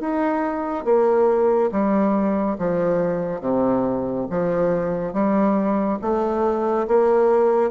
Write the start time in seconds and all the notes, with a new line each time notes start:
0.00 D#4
0.85 A#3
1.71 G3
2.59 F3
3.41 C3
4.30 F3
5.13 G3
6.02 A3
6.88 A#3